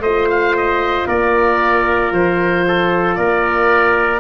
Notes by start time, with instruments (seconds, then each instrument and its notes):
0.00 tuba A3, horn F4, trumpet C5, oboe D#5
0.30 oboe F5
0.57 oboe D#5
1.07 tuba A#3, trumpet A#4, oboe D5
2.12 tuba F3, oboe C5
2.68 trumpet A4
3.15 tuba A#3, trumpet A#4, oboe D5